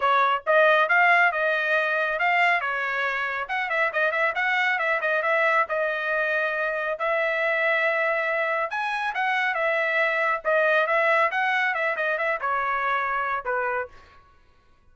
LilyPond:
\new Staff \with { instrumentName = "trumpet" } { \time 4/4 \tempo 4 = 138 cis''4 dis''4 f''4 dis''4~ | dis''4 f''4 cis''2 | fis''8 e''8 dis''8 e''8 fis''4 e''8 dis''8 | e''4 dis''2. |
e''1 | gis''4 fis''4 e''2 | dis''4 e''4 fis''4 e''8 dis''8 | e''8 cis''2~ cis''8 b'4 | }